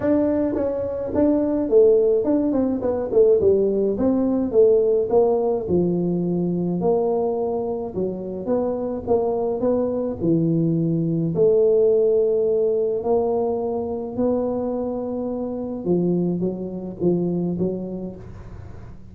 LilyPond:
\new Staff \with { instrumentName = "tuba" } { \time 4/4 \tempo 4 = 106 d'4 cis'4 d'4 a4 | d'8 c'8 b8 a8 g4 c'4 | a4 ais4 f2 | ais2 fis4 b4 |
ais4 b4 e2 | a2. ais4~ | ais4 b2. | f4 fis4 f4 fis4 | }